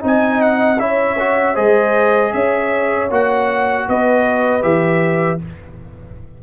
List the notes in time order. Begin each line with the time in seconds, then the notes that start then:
0.00 C4 D#4 D#5
0.06 G#5
0.41 F#5
0.78 C#4 E4 C#5 E5
1.19 F#4
1.54 G#3 G#4 C5 D#5
2.32 C#4 C#5 E5
3.10 A#3 F#4 F#5
3.88 B3 B4 D#5
4.62 E3 G4 E5